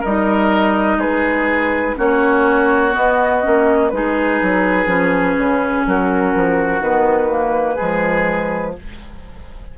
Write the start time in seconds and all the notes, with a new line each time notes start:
0.00 G3 D#4 A#4 D#5
0.97 G#3 G#4 B4
1.96 A#3 C#4 F#4 C#5
2.92 B3 D#5
3.42 A#3 C#4
3.89 G#3 D#4 B4
3.96 G#4
4.41 F#3
4.86 F3 C#4
5.37 C#3
5.86 F#3 F#4 A#4
6.35 F3
6.79 D#3 B3 B4
7.29 A#3
7.75 G#3 G#4
7.81 F3